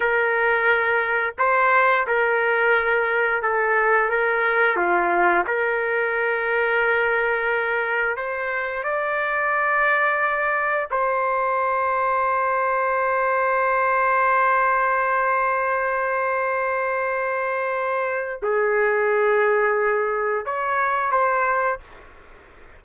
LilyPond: \new Staff \with { instrumentName = "trumpet" } { \time 4/4 \tempo 4 = 88 ais'2 c''4 ais'4~ | ais'4 a'4 ais'4 f'4 | ais'1 | c''4 d''2. |
c''1~ | c''1~ | c''2. gis'4~ | gis'2 cis''4 c''4 | }